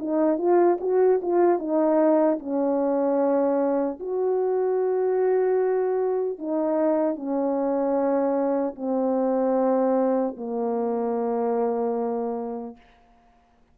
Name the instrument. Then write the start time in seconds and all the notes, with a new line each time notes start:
horn
0.00 D#4
0.39 F4
0.81 F#4
1.23 F4
1.59 D#4
2.40 C#4
4.00 F#4
6.39 D#4
7.16 C#4
8.76 C4
10.37 A#3